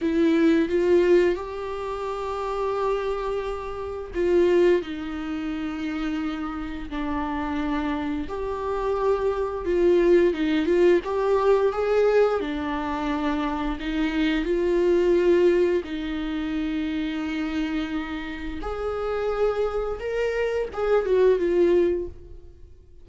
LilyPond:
\new Staff \with { instrumentName = "viola" } { \time 4/4 \tempo 4 = 87 e'4 f'4 g'2~ | g'2 f'4 dis'4~ | dis'2 d'2 | g'2 f'4 dis'8 f'8 |
g'4 gis'4 d'2 | dis'4 f'2 dis'4~ | dis'2. gis'4~ | gis'4 ais'4 gis'8 fis'8 f'4 | }